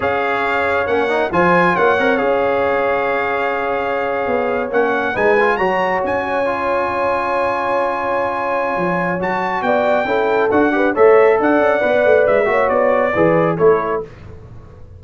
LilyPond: <<
  \new Staff \with { instrumentName = "trumpet" } { \time 4/4 \tempo 4 = 137 f''2 fis''4 gis''4 | fis''4 f''2.~ | f''2~ f''8. fis''4 gis''16~ | gis''8. ais''4 gis''2~ gis''16~ |
gis''1~ | gis''4 a''4 g''2 | fis''4 e''4 fis''2 | e''4 d''2 cis''4 | }
  \new Staff \with { instrumentName = "horn" } { \time 4/4 cis''2. c''4 | cis''1~ | cis''2.~ cis''8. b'16~ | b'8. cis''2.~ cis''16~ |
cis''1~ | cis''2 d''4 a'4~ | a'8 b'8 cis''4 d''2~ | d''8 cis''4. b'4 a'4 | }
  \new Staff \with { instrumentName = "trombone" } { \time 4/4 gis'2 cis'8 dis'8 f'4~ | f'8 ais'8 gis'2.~ | gis'2~ gis'8. cis'4 dis'16~ | dis'16 f'8 fis'2 f'4~ f'16~ |
f'1~ | f'4 fis'2 e'4 | fis'8 g'8 a'2 b'4~ | b'8 fis'4. gis'4 e'4 | }
  \new Staff \with { instrumentName = "tuba" } { \time 4/4 cis'2 ais4 f4 | ais8 c'8 cis'2.~ | cis'4.~ cis'16 b4 ais4 gis16~ | gis8. fis4 cis'2~ cis'16~ |
cis'1 | f4 fis4 b4 cis'4 | d'4 a4 d'8 cis'8 b8 a8 | gis8 ais8 b4 e4 a4 | }
>>